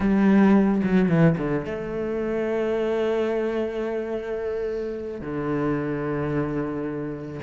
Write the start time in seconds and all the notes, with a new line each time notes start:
0.00 G3
0.83 F#3
1.08 E3
1.37 D3
1.65 A3
5.20 D3